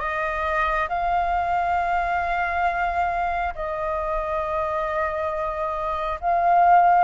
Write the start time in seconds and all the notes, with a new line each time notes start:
0.00 D#5
0.89 F5
3.55 D#5
6.21 F5